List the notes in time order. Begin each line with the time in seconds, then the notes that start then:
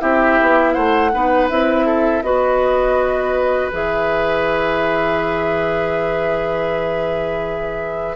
0.00 C4 E4 G4 E5
0.41 B3
0.74 A3 C5 F#5
1.13 B3 D#4 B4
1.50 C4 E4 E5
1.86 A4
2.23 B3 F#4 B4 D#5
3.73 E3 G#4 E5